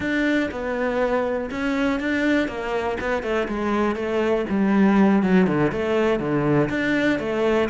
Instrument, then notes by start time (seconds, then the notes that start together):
cello
0.00 D4
0.51 B3
1.50 C#4
2.00 D4
2.48 A#3
3.00 B3
3.23 A3
3.47 G#3
3.95 A3
4.49 G3
5.22 F#3
5.46 D3
5.72 A3
6.19 D3
6.69 D4
7.19 A3